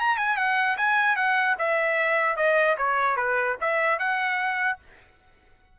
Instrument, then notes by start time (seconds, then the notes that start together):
trumpet
0.00 A#5
0.18 G#5
0.37 F#5
0.78 G#5
1.16 F#5
1.59 E5
2.37 D#5
2.78 C#5
3.17 B4
3.61 E5
3.99 F#5